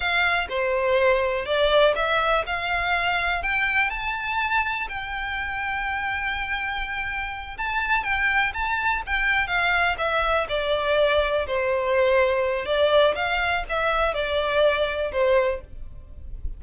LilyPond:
\new Staff \with { instrumentName = "violin" } { \time 4/4 \tempo 4 = 123 f''4 c''2 d''4 | e''4 f''2 g''4 | a''2 g''2~ | g''2.~ g''8 a''8~ |
a''8 g''4 a''4 g''4 f''8~ | f''8 e''4 d''2 c''8~ | c''2 d''4 f''4 | e''4 d''2 c''4 | }